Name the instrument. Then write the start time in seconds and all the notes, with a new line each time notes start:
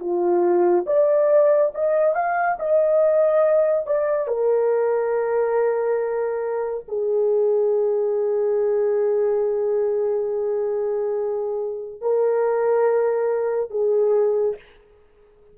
horn
0.00 F4
0.87 D5
1.75 D#5
2.15 F5
2.59 D#5
3.87 D5
4.28 A#4
6.88 G#4
12.01 A#4
13.71 G#4